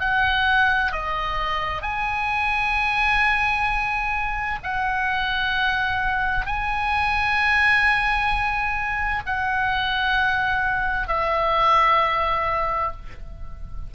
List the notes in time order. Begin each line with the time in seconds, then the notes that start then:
0.00 F#5
0.92 D#5
1.82 G#5
4.64 F#5
6.46 G#5
9.26 F#5
11.08 E5